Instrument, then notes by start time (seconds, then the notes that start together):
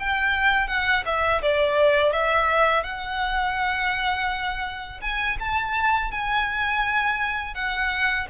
violin
0.00 G5
0.68 F#5
1.06 E5
1.43 D5
2.13 E5
2.84 F#5
5.02 G#5
5.40 A5
6.12 G#5
7.55 F#5